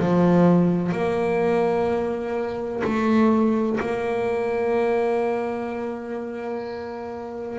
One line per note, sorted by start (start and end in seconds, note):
0.00 0.92 F3
0.92 2.83 A#3
2.84 3.79 A3
3.81 7.59 A#3